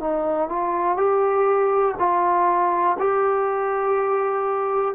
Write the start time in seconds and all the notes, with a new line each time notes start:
0.00 D#4
0.49 F4
0.97 G4
1.99 F4
2.99 G4